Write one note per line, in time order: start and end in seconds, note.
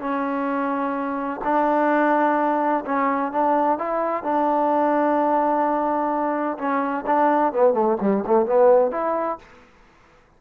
0.00 1.41 C#4
1.44 2.84 D4
2.85 3.32 C#4
3.32 3.78 D4
3.78 4.23 E4
4.23 6.58 D4
6.58 7.05 C#4
7.06 7.53 D4
7.53 7.74 B3
7.74 7.97 A3
8.00 8.24 G3
8.26 8.46 A3
8.46 8.91 B3
8.91 9.38 E4